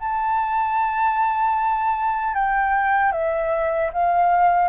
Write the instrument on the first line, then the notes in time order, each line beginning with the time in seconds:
flute
0.00 A5
2.35 G5
3.12 E5
3.93 F5